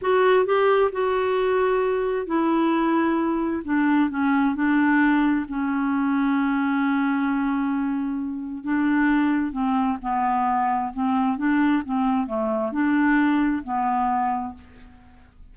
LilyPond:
\new Staff \with { instrumentName = "clarinet" } { \time 4/4 \tempo 4 = 132 fis'4 g'4 fis'2~ | fis'4 e'2. | d'4 cis'4 d'2 | cis'1~ |
cis'2. d'4~ | d'4 c'4 b2 | c'4 d'4 c'4 a4 | d'2 b2 | }